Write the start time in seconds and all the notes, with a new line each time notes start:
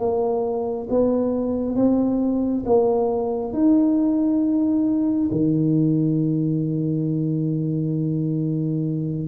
0.00 A#3
0.90 B3
1.76 C4
2.66 A#3
3.53 D#4
5.31 D#3